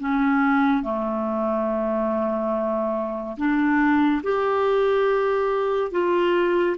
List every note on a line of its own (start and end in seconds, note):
0.00 0.83 C#4
0.83 3.36 A3
3.37 4.22 D4
4.23 5.92 G4
5.92 6.76 F4